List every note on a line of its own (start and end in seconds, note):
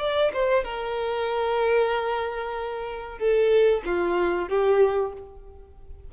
0.00 0.32 D5
0.33 0.64 C5
0.64 3.19 A#4
3.19 3.82 A4
3.86 4.49 F4
4.49 5.13 G4